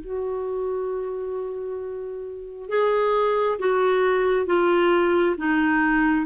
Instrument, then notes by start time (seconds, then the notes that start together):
clarinet
0.00 F#4
2.69 G#4
3.59 F#4
4.46 F4
5.37 D#4